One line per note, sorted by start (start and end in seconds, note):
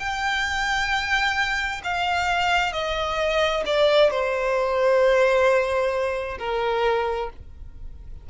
0.00 1.82 G5
1.84 2.73 F5
2.73 3.64 D#5
3.66 4.11 D5
4.11 6.38 C5
6.39 7.30 A#4